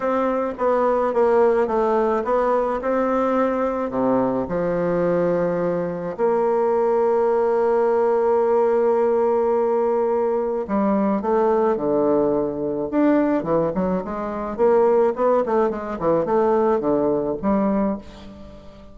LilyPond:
\new Staff \with { instrumentName = "bassoon" } { \time 4/4 \tempo 4 = 107 c'4 b4 ais4 a4 | b4 c'2 c4 | f2. ais4~ | ais1~ |
ais2. g4 | a4 d2 d'4 | e8 fis8 gis4 ais4 b8 a8 | gis8 e8 a4 d4 g4 | }